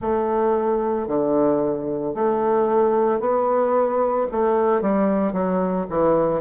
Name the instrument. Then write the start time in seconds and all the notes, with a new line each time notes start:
bassoon
0.00 A3
1.07 D3
2.14 A3
3.19 B3
4.31 A3
4.81 G3
5.33 F#3
5.89 E3